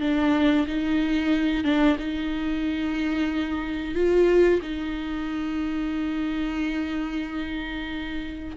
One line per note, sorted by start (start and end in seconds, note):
0.00 0.66 D4
0.67 1.64 D#4
1.64 1.97 D4
1.98 3.94 D#4
3.94 4.60 F4
4.62 8.57 D#4